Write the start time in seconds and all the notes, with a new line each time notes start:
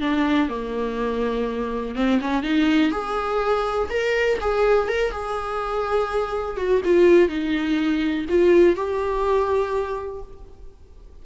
0.00 D4
0.48 A#3
1.95 C4
2.20 C#4
2.42 D#4
2.91 G#4
3.89 A#4
4.40 G#4
4.88 A#4
5.11 G#4
6.57 F#4
6.84 F4
7.28 D#4
8.28 F4
8.76 G4